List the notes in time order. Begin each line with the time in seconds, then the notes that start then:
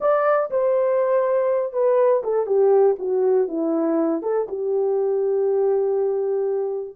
0.00 D5
0.50 C5
1.72 B4
2.23 A4
2.46 G4
2.98 F#4
3.48 E4
4.22 A4
4.48 G4